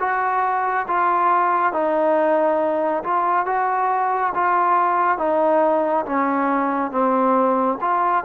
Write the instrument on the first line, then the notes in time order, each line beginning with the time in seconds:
trombone
0.00 F#4
0.88 F4
1.74 D#4
3.04 F4
3.47 F#4
4.35 F4
5.19 D#4
6.06 C#4
6.92 C4
7.81 F4